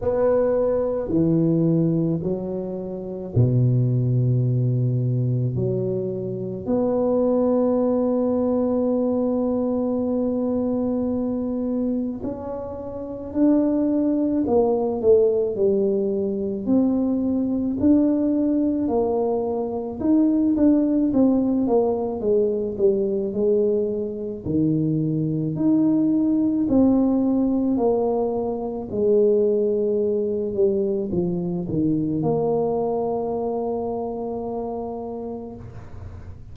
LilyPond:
\new Staff \with { instrumentName = "tuba" } { \time 4/4 \tempo 4 = 54 b4 e4 fis4 b,4~ | b,4 fis4 b2~ | b2. cis'4 | d'4 ais8 a8 g4 c'4 |
d'4 ais4 dis'8 d'8 c'8 ais8 | gis8 g8 gis4 dis4 dis'4 | c'4 ais4 gis4. g8 | f8 dis8 ais2. | }